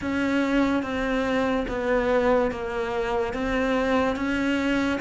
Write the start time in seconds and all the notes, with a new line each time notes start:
0.01 C#4
0.82 C4
1.67 B3
2.51 A#3
3.33 C4
4.16 C#4